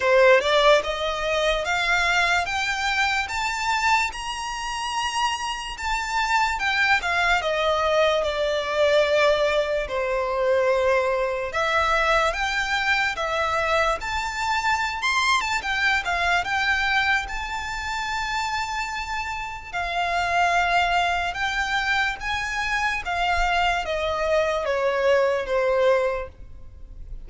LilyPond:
\new Staff \with { instrumentName = "violin" } { \time 4/4 \tempo 4 = 73 c''8 d''8 dis''4 f''4 g''4 | a''4 ais''2 a''4 | g''8 f''8 dis''4 d''2 | c''2 e''4 g''4 |
e''4 a''4~ a''16 c'''8 a''16 g''8 f''8 | g''4 a''2. | f''2 g''4 gis''4 | f''4 dis''4 cis''4 c''4 | }